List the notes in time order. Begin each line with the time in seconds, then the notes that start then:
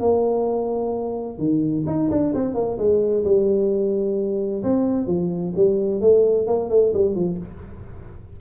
0.00 A#3
1.38 D#3
1.87 D#4
2.10 D4
2.34 C4
2.54 A#3
2.78 G#3
3.24 G3
4.63 C4
5.07 F3
5.56 G3
6.01 A3
6.47 A#3
6.70 A3
6.93 G3
7.15 F3